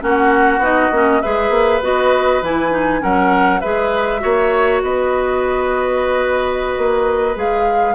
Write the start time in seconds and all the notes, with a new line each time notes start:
0.00 A#3 C#4 F#4 F#5
0.58 B3 D#4 D#5
0.91 A#3 C#4
1.21 G#3 G#4 B4 E5
1.50 A#3
1.82 B3 F#4 D#5
2.42 E3 E4 G#5
2.71 D#4
3.00 F#3 C#4 A#4 F#5
3.60 G#3 G#4 B4 E5
4.19 A#3 F#4 C#5
4.83 B3 B4 D#5
6.77 A#3
7.36 G#3 G#4 F5